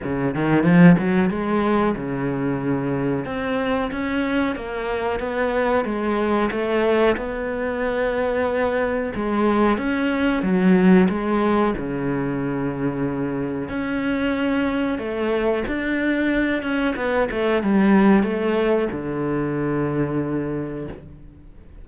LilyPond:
\new Staff \with { instrumentName = "cello" } { \time 4/4 \tempo 4 = 92 cis8 dis8 f8 fis8 gis4 cis4~ | cis4 c'4 cis'4 ais4 | b4 gis4 a4 b4~ | b2 gis4 cis'4 |
fis4 gis4 cis2~ | cis4 cis'2 a4 | d'4. cis'8 b8 a8 g4 | a4 d2. | }